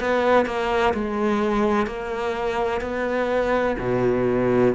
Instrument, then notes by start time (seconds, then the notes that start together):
cello
0.00 B3
0.45 A#3
0.94 G#3
1.87 A#3
2.81 B3
3.79 B2